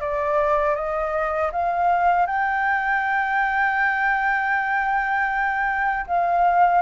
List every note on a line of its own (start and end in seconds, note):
0.00 0.75 D5
0.75 1.51 D#5
1.52 2.26 F5
2.26 6.06 G5
6.07 6.81 F5